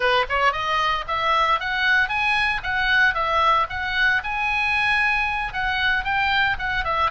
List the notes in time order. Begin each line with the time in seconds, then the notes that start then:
0.00 B4
0.29 C#5
0.52 D#5
1.07 E5
1.59 F#5
2.08 G#5
2.63 F#5
3.14 E5
3.69 F#5
4.23 G#5
5.53 F#5
6.04 G5
6.58 F#5
6.84 E5